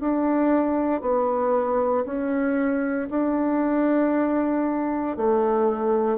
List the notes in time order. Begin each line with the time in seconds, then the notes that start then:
0.00 D4
1.01 B3
2.05 C#4
3.10 D4
5.17 A3